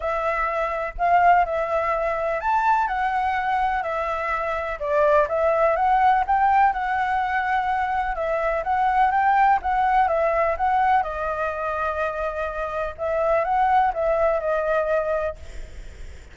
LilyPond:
\new Staff \with { instrumentName = "flute" } { \time 4/4 \tempo 4 = 125 e''2 f''4 e''4~ | e''4 a''4 fis''2 | e''2 d''4 e''4 | fis''4 g''4 fis''2~ |
fis''4 e''4 fis''4 g''4 | fis''4 e''4 fis''4 dis''4~ | dis''2. e''4 | fis''4 e''4 dis''2 | }